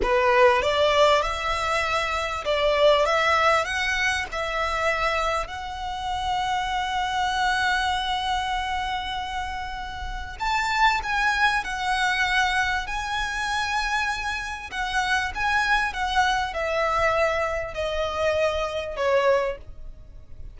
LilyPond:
\new Staff \with { instrumentName = "violin" } { \time 4/4 \tempo 4 = 98 b'4 d''4 e''2 | d''4 e''4 fis''4 e''4~ | e''4 fis''2.~ | fis''1~ |
fis''4 a''4 gis''4 fis''4~ | fis''4 gis''2. | fis''4 gis''4 fis''4 e''4~ | e''4 dis''2 cis''4 | }